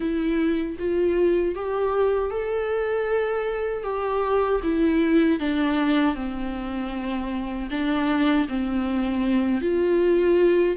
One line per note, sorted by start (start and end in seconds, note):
0.00 0.76 E4
0.78 1.55 F4
1.55 2.30 G4
2.30 3.83 A4
3.83 4.60 G4
4.63 5.39 E4
5.39 6.14 D4
6.14 7.68 C4
7.70 8.47 D4
8.48 9.61 C4
9.61 10.76 F4